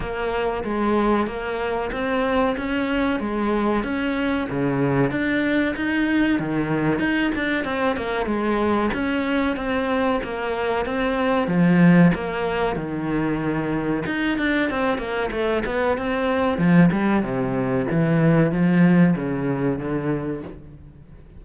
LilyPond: \new Staff \with { instrumentName = "cello" } { \time 4/4 \tempo 4 = 94 ais4 gis4 ais4 c'4 | cis'4 gis4 cis'4 cis4 | d'4 dis'4 dis4 dis'8 d'8 | c'8 ais8 gis4 cis'4 c'4 |
ais4 c'4 f4 ais4 | dis2 dis'8 d'8 c'8 ais8 | a8 b8 c'4 f8 g8 c4 | e4 f4 cis4 d4 | }